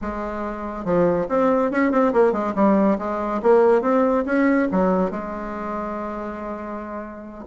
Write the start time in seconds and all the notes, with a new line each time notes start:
0.01 G#3
0.84 F3
1.29 C4
1.71 C#4
1.91 C4
2.13 A#3
2.32 G#3
2.55 G3
2.98 G#3
3.42 A#3
3.81 C4
4.25 C#4
4.71 F#3
5.10 G#3